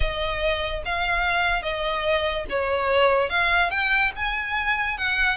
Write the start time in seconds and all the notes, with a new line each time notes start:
0.00 D#5
0.85 F5
1.62 D#5
2.49 C#5
3.29 F5
3.70 G5
4.16 G#5
4.97 F#5